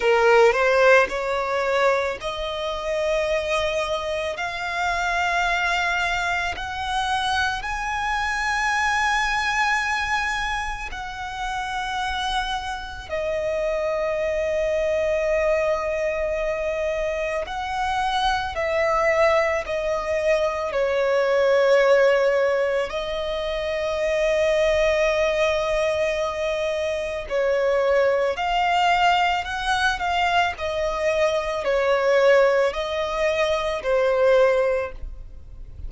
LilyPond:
\new Staff \with { instrumentName = "violin" } { \time 4/4 \tempo 4 = 55 ais'8 c''8 cis''4 dis''2 | f''2 fis''4 gis''4~ | gis''2 fis''2 | dis''1 |
fis''4 e''4 dis''4 cis''4~ | cis''4 dis''2.~ | dis''4 cis''4 f''4 fis''8 f''8 | dis''4 cis''4 dis''4 c''4 | }